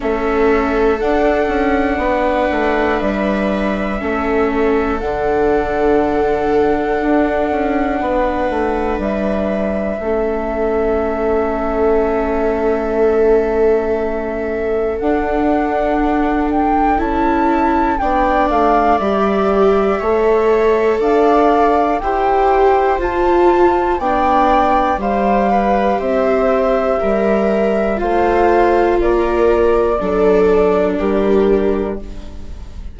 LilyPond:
<<
  \new Staff \with { instrumentName = "flute" } { \time 4/4 \tempo 4 = 60 e''4 fis''2 e''4~ | e''4 fis''2.~ | fis''4 e''2.~ | e''2. fis''4~ |
fis''8 g''8 a''4 g''8 f''8 e''4~ | e''4 f''4 g''4 a''4 | g''4 f''4 e''2 | f''4 d''2 ais'4 | }
  \new Staff \with { instrumentName = "viola" } { \time 4/4 a'2 b'2 | a'1 | b'2 a'2~ | a'1~ |
a'2 d''2 | cis''4 d''4 c''2 | d''4 c''8 b'8 c''4 ais'4 | c''4 ais'4 a'4 g'4 | }
  \new Staff \with { instrumentName = "viola" } { \time 4/4 cis'4 d'2. | cis'4 d'2.~ | d'2 cis'2~ | cis'2. d'4~ |
d'4 e'4 d'4 g'4 | a'2 g'4 f'4 | d'4 g'2. | f'2 d'2 | }
  \new Staff \with { instrumentName = "bassoon" } { \time 4/4 a4 d'8 cis'8 b8 a8 g4 | a4 d2 d'8 cis'8 | b8 a8 g4 a2~ | a2. d'4~ |
d'4 cis'4 b8 a8 g4 | a4 d'4 e'4 f'4 | b4 g4 c'4 g4 | a4 ais4 fis4 g4 | }
>>